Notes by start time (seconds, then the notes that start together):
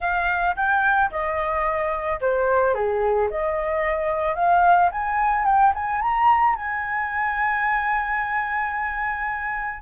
0.00 F5
0.56 G5
1.11 D#5
2.20 C5
2.74 G#4
3.30 D#5
4.35 F5
4.91 G#5
5.45 G5
5.74 G#5
6.01 A#5
6.55 G#5